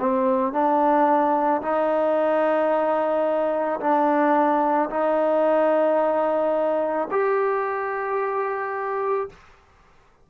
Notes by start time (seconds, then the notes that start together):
0.00 C4
0.53 D4
1.62 D#4
3.81 D4
4.90 D#4
7.12 G4